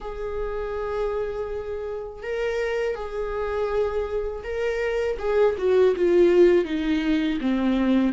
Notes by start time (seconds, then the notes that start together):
0.00 G#4
2.22 A#4
2.95 G#4
4.43 A#4
5.18 G#4
5.58 F#4
5.96 F4
6.65 D#4
7.40 C4